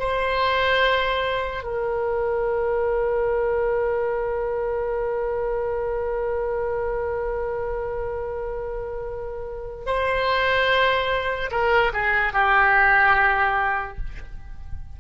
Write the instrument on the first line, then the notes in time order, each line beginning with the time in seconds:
oboe
0.00 C5
1.64 A#4
9.87 C5
11.51 A#4
11.94 G#4
12.34 G4